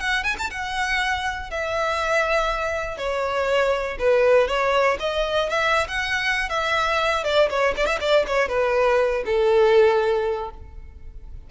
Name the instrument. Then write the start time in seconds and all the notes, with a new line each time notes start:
violin
0.00 F#5
0.23 G#5
0.38 A5
0.50 F#5
1.50 E5
2.97 C#5
3.99 B4
4.47 C#5
4.99 D#5
5.50 E5
5.88 F#5
6.49 E5
7.24 D5
7.49 C#5
7.77 D5
7.86 E5
8.00 D5
8.27 C#5
8.48 B4
9.25 A4